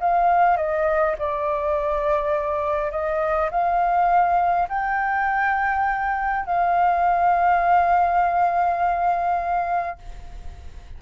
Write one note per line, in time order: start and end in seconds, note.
0.00 0.57 F5
0.57 1.16 D#5
1.18 2.91 D5
2.91 3.50 D#5
3.51 4.68 F5
4.69 6.45 G5
6.45 9.98 F5